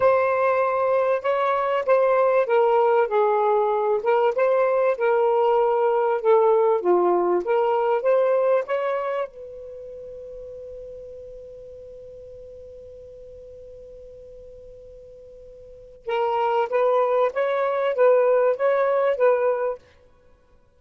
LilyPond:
\new Staff \with { instrumentName = "saxophone" } { \time 4/4 \tempo 4 = 97 c''2 cis''4 c''4 | ais'4 gis'4. ais'8 c''4 | ais'2 a'4 f'4 | ais'4 c''4 cis''4 b'4~ |
b'1~ | b'1~ | b'2 ais'4 b'4 | cis''4 b'4 cis''4 b'4 | }